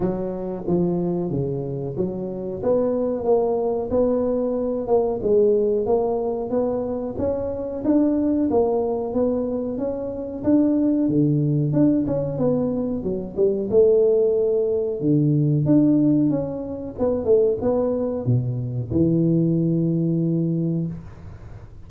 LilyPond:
\new Staff \with { instrumentName = "tuba" } { \time 4/4 \tempo 4 = 92 fis4 f4 cis4 fis4 | b4 ais4 b4. ais8 | gis4 ais4 b4 cis'4 | d'4 ais4 b4 cis'4 |
d'4 d4 d'8 cis'8 b4 | fis8 g8 a2 d4 | d'4 cis'4 b8 a8 b4 | b,4 e2. | }